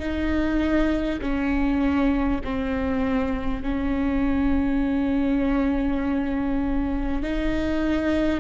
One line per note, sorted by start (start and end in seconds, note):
0.00 1.20 D#4
1.22 2.42 C#4
2.44 3.63 C4
3.63 7.23 C#4
7.23 8.41 D#4